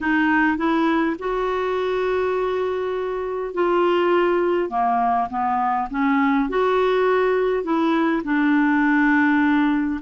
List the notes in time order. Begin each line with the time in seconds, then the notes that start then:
0.00 D#4
0.57 E4
1.18 F#4
3.53 F4
4.69 A#3
5.29 B3
5.90 C#4
6.49 F#4
7.63 E4
8.24 D4